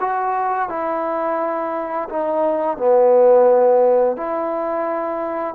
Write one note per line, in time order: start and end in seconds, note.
0.00 0.69 F#4
0.69 2.09 E4
2.09 2.77 D#4
2.77 4.17 B3
4.17 5.54 E4